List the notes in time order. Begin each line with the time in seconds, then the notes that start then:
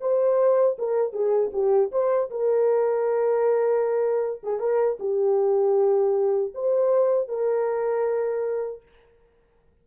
0.00 C5
0.78 A#4
1.12 G#4
1.52 G4
1.91 C5
2.30 A#4
4.43 G#4
4.59 A#4
4.99 G4
6.54 C5
7.28 A#4